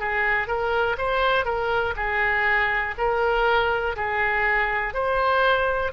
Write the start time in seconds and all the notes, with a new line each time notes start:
0.00 G#4
0.47 A#4
0.97 C5
1.45 A#4
1.96 G#4
2.98 A#4
3.96 G#4
4.94 C5